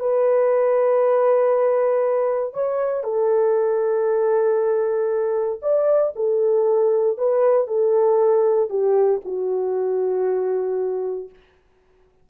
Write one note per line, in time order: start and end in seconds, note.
0.00 2.54 B4
2.54 3.04 C#5
3.04 5.60 A4
5.62 6.14 D5
6.16 7.18 A4
7.18 7.67 B4
7.67 8.70 A4
8.70 9.21 G4
9.25 11.30 F#4